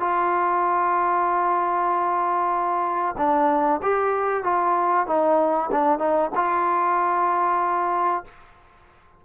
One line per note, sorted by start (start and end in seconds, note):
0.00 3.16 F4
3.18 3.81 D4
3.83 4.44 G4
4.44 5.07 F4
5.07 5.70 D#4
5.72 5.99 D4
5.99 6.31 D#4
6.35 8.25 F4